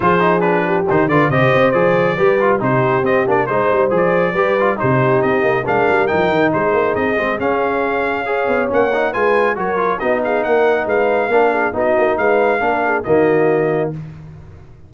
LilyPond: <<
  \new Staff \with { instrumentName = "trumpet" } { \time 4/4 \tempo 4 = 138 c''4 b'4 c''8 d''8 dis''4 | d''2 c''4 dis''8 d''8 | c''4 d''2 c''4 | dis''4 f''4 g''4 c''4 |
dis''4 f''2. | fis''4 gis''4 cis''4 dis''8 f''8 | fis''4 f''2 dis''4 | f''2 dis''2 | }
  \new Staff \with { instrumentName = "horn" } { \time 4/4 gis'4. g'4 b'8 c''4~ | c''4 b'4 g'2 | c''2 b'4 g'4~ | g'4 ais'2 gis'4~ |
gis'2. cis''4~ | cis''4 b'4 ais'4 fis'8 gis'8 | ais'4 b'4 ais'8 gis'8 fis'4 | b'4 ais'8 gis'8 fis'2 | }
  \new Staff \with { instrumentName = "trombone" } { \time 4/4 f'8 dis'8 d'4 dis'8 f'8 g'4 | gis'4 g'8 f'8 dis'4 c'8 d'8 | dis'4 gis'4 g'8 f'8 dis'4~ | dis'4 d'4 dis'2~ |
dis'8 c'8 cis'2 gis'4 | cis'8 dis'8 f'4 fis'8 f'8 dis'4~ | dis'2 d'4 dis'4~ | dis'4 d'4 ais2 | }
  \new Staff \with { instrumentName = "tuba" } { \time 4/4 f2 dis8 d8 c8 c'8 | f4 g4 c4 c'8 ais8 | gis8 g8 f4 g4 c4 | c'8 ais8 gis8 g8 f8 dis8 gis8 ais8 |
c'8 gis8 cis'2~ cis'8 b8 | ais4 gis4 fis4 b4 | ais4 gis4 ais4 b8 ais8 | gis4 ais4 dis2 | }
>>